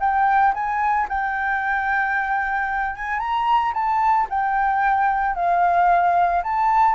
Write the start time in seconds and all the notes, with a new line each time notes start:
0.00 G5
0.54 G#5
1.09 G5
2.96 G#5
3.19 A#5
3.74 A5
4.30 G5
5.35 F5
6.43 A5